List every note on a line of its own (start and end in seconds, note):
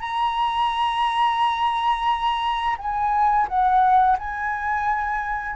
0.00 2.76 A#5
2.78 3.47 G#5
3.48 4.17 F#5
4.18 5.56 G#5